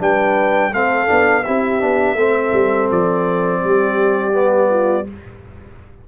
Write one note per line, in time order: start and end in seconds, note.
0.00 0.73 G3
0.00 0.72 D4
0.00 0.71 B4
0.00 0.74 G5
0.71 1.09 A3
0.71 1.07 C4
0.71 1.43 A4
0.71 1.44 F5
1.07 1.47 B3
1.07 1.43 D4
1.44 1.83 C4
1.44 1.81 E4
1.44 2.18 G4
1.44 2.89 E5
1.81 2.14 B3
1.81 2.17 D4
2.14 2.51 A3
2.14 4.33 C4
2.14 3.61 A4
2.53 2.89 G3
2.91 3.64 F3
2.91 5.09 D5
3.61 5.08 G3
3.61 4.70 G4
4.33 5.05 B3
4.70 5.06 F4